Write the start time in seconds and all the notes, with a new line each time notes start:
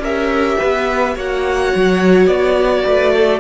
0.00 C#4 G4 A#4 E5
0.58 B3 B4
1.16 A#3 F#4 C#5 F#5
1.76 F#3
2.27 B3 D5
2.85 A3 B4
3.13 A4